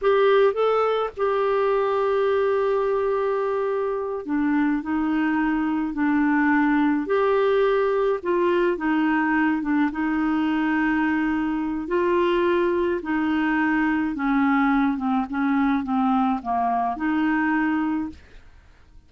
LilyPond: \new Staff \with { instrumentName = "clarinet" } { \time 4/4 \tempo 4 = 106 g'4 a'4 g'2~ | g'2.~ g'8 d'8~ | d'8 dis'2 d'4.~ | d'8 g'2 f'4 dis'8~ |
dis'4 d'8 dis'2~ dis'8~ | dis'4 f'2 dis'4~ | dis'4 cis'4. c'8 cis'4 | c'4 ais4 dis'2 | }